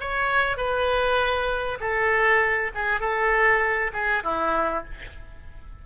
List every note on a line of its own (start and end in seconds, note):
0.00 0.56 C#5
0.56 1.78 B4
1.80 2.71 A4
2.74 3.00 G#4
3.00 3.91 A4
3.93 4.23 G#4
4.23 4.84 E4